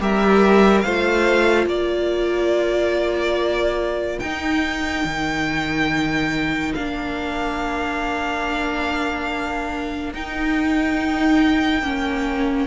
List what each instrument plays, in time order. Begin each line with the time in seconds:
0.00 cello G3, viola G4, violin A#4 E5
0.81 cello A3, viola F4, violin C5 F5
1.66 cello A#3, violin A#4 D5
4.19 cello D#4, viola D#4, violin G5
5.05 cello D#3
6.74 cello A#3, viola D4, violin F5
10.14 cello D#4, viola D#4, violin G5
11.82 cello A#3, viola C#4